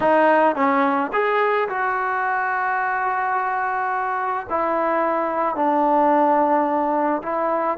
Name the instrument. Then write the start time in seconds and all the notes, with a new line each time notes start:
trombone
0.00 D#4
0.55 C#4
1.12 G#4
1.68 F#4
4.49 E4
5.55 D4
7.22 E4